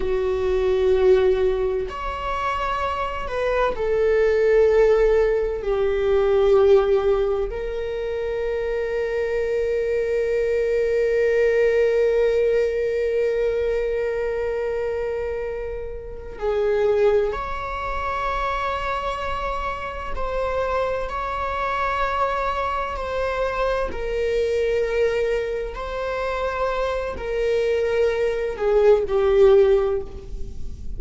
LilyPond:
\new Staff \with { instrumentName = "viola" } { \time 4/4 \tempo 4 = 64 fis'2 cis''4. b'8 | a'2 g'2 | ais'1~ | ais'1~ |
ais'4. gis'4 cis''4.~ | cis''4. c''4 cis''4.~ | cis''8 c''4 ais'2 c''8~ | c''4 ais'4. gis'8 g'4 | }